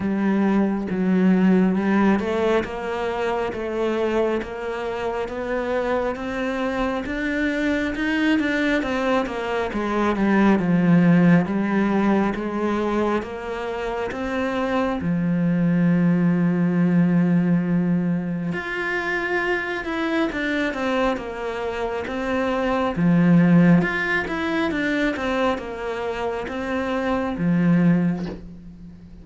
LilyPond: \new Staff \with { instrumentName = "cello" } { \time 4/4 \tempo 4 = 68 g4 fis4 g8 a8 ais4 | a4 ais4 b4 c'4 | d'4 dis'8 d'8 c'8 ais8 gis8 g8 | f4 g4 gis4 ais4 |
c'4 f2.~ | f4 f'4. e'8 d'8 c'8 | ais4 c'4 f4 f'8 e'8 | d'8 c'8 ais4 c'4 f4 | }